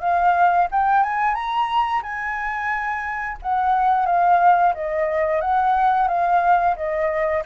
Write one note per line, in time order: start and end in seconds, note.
0.00 0.67 F5
0.71 1.03 G5
1.03 1.34 G#5
1.34 2.02 A#5
2.03 3.37 G#5
3.42 4.05 F#5
4.05 4.73 F5
4.74 5.41 D#5
5.41 6.08 F#5
6.08 6.75 F5
6.76 7.43 D#5